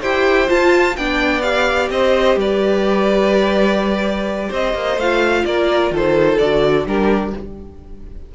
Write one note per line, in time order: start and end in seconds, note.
0.00 0.49 E4
0.00 0.47 G4
0.00 0.94 C5
0.00 0.49 G5
0.47 0.95 F4
0.47 0.97 F4
0.47 0.96 A5
0.96 1.90 B3
0.96 1.42 D4
0.96 1.92 D5
0.96 1.41 G5
1.41 4.97 G4
1.41 1.88 F5
1.90 2.36 C4
1.90 2.38 C5
1.90 2.38 D#5
2.36 4.49 G3
2.36 4.49 B4
2.36 4.53 D5
4.49 4.74 C4
4.49 5.43 C5
4.49 4.99 D#5
4.74 4.96 A#3
4.96 5.43 A3
4.96 6.40 F4
4.96 5.45 F5
5.45 5.90 A#3
5.45 5.93 A#4
5.45 5.92 D5
5.90 6.38 D#3
5.90 6.87 A4
5.90 6.38 C5
6.38 6.86 D3
6.38 6.86 F#4
6.38 6.85 D5
6.86 7.33 G3
6.86 7.34 D4
6.86 7.34 G4
6.86 7.35 A#4